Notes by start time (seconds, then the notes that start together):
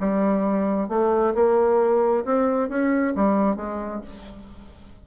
0.00 G3
0.89 A3
1.34 A#3
2.25 C4
2.69 C#4
3.15 G3
3.56 G#3